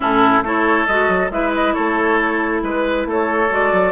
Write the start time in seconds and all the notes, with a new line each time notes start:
0.00 A2 C#4 E4 A4
0.42 A3 E4 A4 C#5
0.86 G#3 F#4 D#5
1.08 F#3
1.29 G#3 E4 B4 E5
1.54 D#5
1.73 A3 A4 C#5
2.62 G#3 B4
3.05 A3 A4
3.11 C#5
3.49 G#3 F#4 D5
3.72 F#3